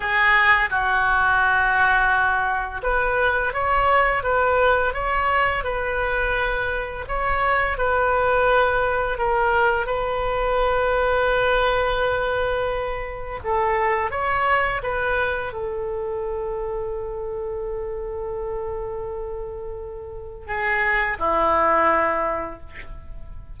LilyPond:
\new Staff \with { instrumentName = "oboe" } { \time 4/4 \tempo 4 = 85 gis'4 fis'2. | b'4 cis''4 b'4 cis''4 | b'2 cis''4 b'4~ | b'4 ais'4 b'2~ |
b'2. a'4 | cis''4 b'4 a'2~ | a'1~ | a'4 gis'4 e'2 | }